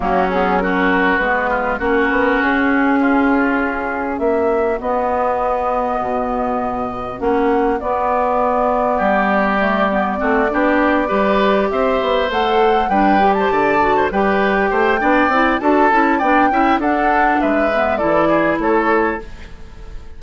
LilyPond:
<<
  \new Staff \with { instrumentName = "flute" } { \time 4/4 \tempo 4 = 100 fis'8 gis'8 ais'4 b'4 ais'4 | gis'2. e''4 | dis''1 | fis''4 d''2.~ |
d''2.~ d''8 e''8~ | e''8 fis''4 g''8. a''4~ a''16 g''8~ | g''2 a''4 g''4 | fis''4 e''4 d''4 cis''4 | }
  \new Staff \with { instrumentName = "oboe" } { \time 4/4 cis'4 fis'4. f'8 fis'4~ | fis'4 f'2 fis'4~ | fis'1~ | fis'2. g'4~ |
g'4 fis'8 g'4 b'4 c''8~ | c''4. b'8. c''16 d''8. c''16 b'8~ | b'8 c''8 d''4 a'4 d''8 e''8 | a'4 b'4 a'8 gis'8 a'4 | }
  \new Staff \with { instrumentName = "clarinet" } { \time 4/4 ais8 b8 cis'4 b4 cis'4~ | cis'1 | b1 | cis'4 b2. |
a8 b8 c'8 d'4 g'4.~ | g'8 a'4 d'8 g'4 fis'8 g'8~ | g'4 d'8 e'8 fis'8 e'8 d'8 e'8 | d'4. b8 e'2 | }
  \new Staff \with { instrumentName = "bassoon" } { \time 4/4 fis2 gis4 ais8 b8 | cis'2. ais4 | b2 b,2 | ais4 b2 g4~ |
g4 a8 b4 g4 c'8 | b8 a4 g4 d4 g8~ | g8 a8 b8 c'8 d'8 cis'8 b8 cis'8 | d'4 gis4 e4 a4 | }
>>